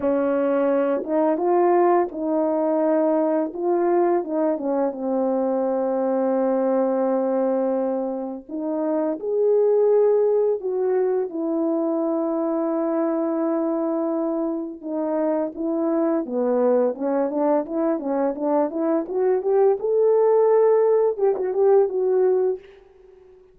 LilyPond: \new Staff \with { instrumentName = "horn" } { \time 4/4 \tempo 4 = 85 cis'4. dis'8 f'4 dis'4~ | dis'4 f'4 dis'8 cis'8 c'4~ | c'1 | dis'4 gis'2 fis'4 |
e'1~ | e'4 dis'4 e'4 b4 | cis'8 d'8 e'8 cis'8 d'8 e'8 fis'8 g'8 | a'2 g'16 fis'16 g'8 fis'4 | }